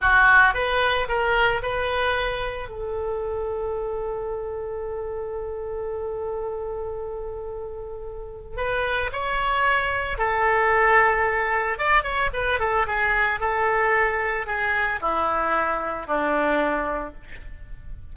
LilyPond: \new Staff \with { instrumentName = "oboe" } { \time 4/4 \tempo 4 = 112 fis'4 b'4 ais'4 b'4~ | b'4 a'2.~ | a'1~ | a'1 |
b'4 cis''2 a'4~ | a'2 d''8 cis''8 b'8 a'8 | gis'4 a'2 gis'4 | e'2 d'2 | }